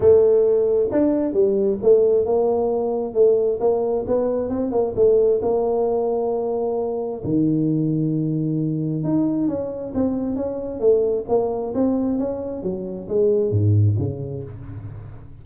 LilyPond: \new Staff \with { instrumentName = "tuba" } { \time 4/4 \tempo 4 = 133 a2 d'4 g4 | a4 ais2 a4 | ais4 b4 c'8 ais8 a4 | ais1 |
dis1 | dis'4 cis'4 c'4 cis'4 | a4 ais4 c'4 cis'4 | fis4 gis4 gis,4 cis4 | }